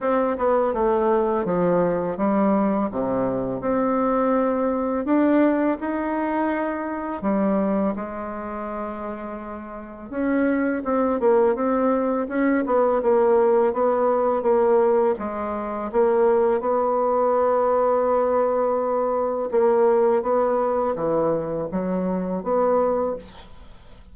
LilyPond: \new Staff \with { instrumentName = "bassoon" } { \time 4/4 \tempo 4 = 83 c'8 b8 a4 f4 g4 | c4 c'2 d'4 | dis'2 g4 gis4~ | gis2 cis'4 c'8 ais8 |
c'4 cis'8 b8 ais4 b4 | ais4 gis4 ais4 b4~ | b2. ais4 | b4 e4 fis4 b4 | }